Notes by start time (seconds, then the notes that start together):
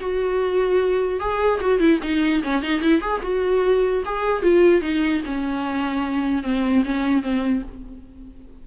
0.00 F#4
1.20 G#4
1.60 F#4
1.79 E4
2.02 D#4
2.43 C#4
2.62 D#4
2.81 E4
3.01 G#4
3.23 F#4
4.05 G#4
4.42 F4
4.81 D#4
5.26 C#4
6.43 C4
6.85 C#4
7.22 C4